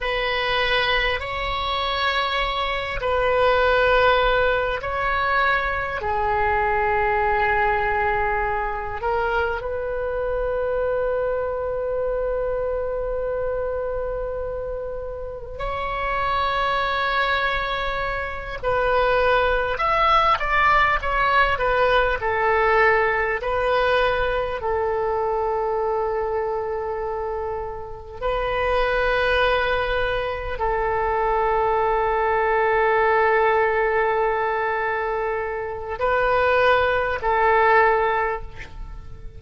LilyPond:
\new Staff \with { instrumentName = "oboe" } { \time 4/4 \tempo 4 = 50 b'4 cis''4. b'4. | cis''4 gis'2~ gis'8 ais'8 | b'1~ | b'4 cis''2~ cis''8 b'8~ |
b'8 e''8 d''8 cis''8 b'8 a'4 b'8~ | b'8 a'2. b'8~ | b'4. a'2~ a'8~ | a'2 b'4 a'4 | }